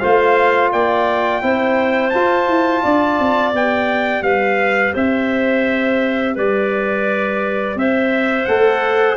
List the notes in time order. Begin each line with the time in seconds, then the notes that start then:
0.00 A3 F4 C5 F5
0.72 A#3 D5 G5
1.42 C4 E4 C5
2.10 F4 A5
2.48 E4
2.83 D4 D5
3.20 C4
3.53 B3 G4 G5
4.22 G3 B4 F5
4.93 C4 C5 E5
6.35 G3 B4 D5
7.76 C4 C5 E5
8.45 A3 A4 F#5